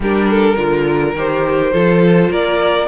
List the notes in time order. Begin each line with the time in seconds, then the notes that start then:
0.00 G3 D4 G4 A#4
0.29 A4
0.56 D3 F4 A#4
1.14 D#3 G4 C5
1.72 F3 F4 A4
2.29 A#3 A#4 D5